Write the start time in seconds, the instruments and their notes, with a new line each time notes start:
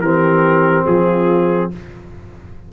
0.00 tuba E3, trombone C4, horn G4, trumpet A#4
0.87 tuba F3, horn F4, trumpet G#4